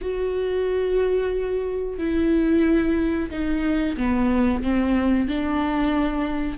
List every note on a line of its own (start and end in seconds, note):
0.01 1.98 F#4
1.98 3.30 E4
3.30 3.96 D#4
3.97 4.62 B3
4.62 5.27 C4
5.27 6.58 D4